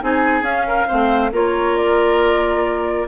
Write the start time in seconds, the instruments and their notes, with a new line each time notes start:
0.00 bassoon C4, clarinet D#4, oboe G#4, flute G#5
0.42 bassoon C#4, clarinet C#4, flute F5
0.67 oboe A#4
0.87 bassoon A3, clarinet C4, oboe C5
1.32 bassoon A#3, clarinet F4, oboe A#4, flute C#5
1.76 flute D5